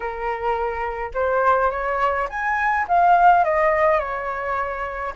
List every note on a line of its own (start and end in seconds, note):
0.00 1.11 A#4
1.14 1.71 C5
1.71 2.28 C#5
2.29 2.86 G#5
2.88 3.44 F5
3.44 3.99 D#5
3.99 5.13 C#5